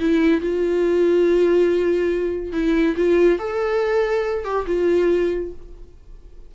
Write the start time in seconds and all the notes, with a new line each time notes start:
0.00 E4
0.41 F4
2.53 E4
2.97 F4
3.39 A4
4.44 G4
4.67 F4